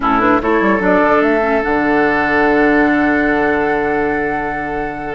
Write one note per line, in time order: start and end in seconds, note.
0.00 0.40 A2
0.00 0.20 C#4
0.00 0.42 E4
0.00 0.20 A4
0.20 0.40 D4
0.20 0.40 B4
0.41 0.60 A3
0.41 0.79 E4
0.41 5.15 A4
0.41 0.82 C#5
0.60 0.80 G3
0.79 1.00 F#3
0.79 1.40 D4
0.79 1.22 D5
1.02 1.21 D3
1.21 1.61 A3
1.21 1.62 E5
1.41 1.61 C#4
1.61 5.15 D3
1.61 5.15 D4
1.61 5.15 F#5